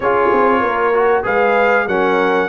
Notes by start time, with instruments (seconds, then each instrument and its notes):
0.00 tuba C#4, trombone F4, horn G#4, trumpet C#5
0.33 tuba C4
0.60 tuba A#3, horn A#4
0.93 trombone F#4
1.23 tuba G#3, trombone G#4, horn B4, trumpet F5
1.86 tuba F#3, trombone C#4, horn A#4, trumpet F#5